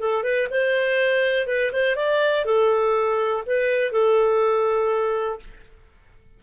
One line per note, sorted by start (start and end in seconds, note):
0.00 0.23 A4
0.23 0.48 B4
0.50 1.47 C5
1.47 1.71 B4
1.72 1.96 C5
1.96 2.45 D5
2.45 3.43 A4
3.46 3.92 B4
3.92 5.39 A4